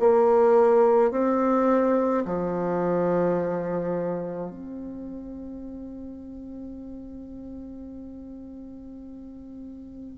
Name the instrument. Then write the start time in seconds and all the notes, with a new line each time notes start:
bassoon
0.00 A#3
1.12 C4
2.25 F3
4.51 C4